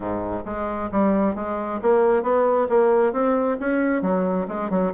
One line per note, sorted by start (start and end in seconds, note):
0.00 0.43 G#2
0.45 0.90 G#3
0.91 1.35 G3
1.35 1.80 G#3
1.82 2.22 A#3
2.22 2.67 B3
2.69 3.12 A#3
3.12 3.57 C4
3.60 4.02 C#4
4.02 4.47 F#3
4.48 4.70 G#3
4.70 4.92 F#3